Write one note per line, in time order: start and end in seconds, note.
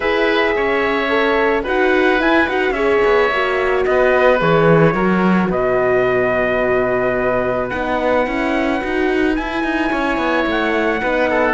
0.00 0.55 E4
0.00 1.08 G#4
0.00 0.54 B4
0.00 1.63 E5
0.56 1.66 C#4
0.56 1.63 C#5
1.08 1.63 A4
1.63 2.20 D#4
1.63 2.19 F#4
1.63 2.73 B4
1.63 2.20 F#5
2.19 2.46 E4
2.19 2.48 E4
2.19 2.48 G#5
2.48 2.70 D#4
2.48 2.75 F#4
2.48 2.72 F#5
2.70 2.98 C#4
2.70 3.30 G#4
2.70 3.84 C#5
2.70 3.82 E5
3.05 3.30 B3
3.30 3.85 A#3
3.30 4.39 F#4
3.84 4.41 B3
3.84 4.94 B4
3.84 4.39 D#5
4.39 4.93 E3
4.39 4.94 G#4
4.39 5.51 C#5
4.93 5.49 F#3
4.93 7.71 F#4
4.93 5.49 A#4
5.50 7.70 B2
5.50 9.90 B4
5.50 7.69 D#5
7.69 8.26 B3
7.69 8.25 D#4
7.69 9.34 F#5
8.25 8.81 C#4
8.25 8.80 E4
8.80 9.38 D#4
8.80 9.35 F#4
9.35 9.63 E4
9.35 11.01 E4
9.35 10.45 G#5
9.63 9.91 D#4
9.90 10.17 C#4
9.90 11.00 C#5
10.17 10.45 B3
10.46 11.01 A3
10.46 11.53 F#5
11.01 11.53 B3
11.01 11.53 D#4
11.01 11.29 B4
11.29 11.53 A4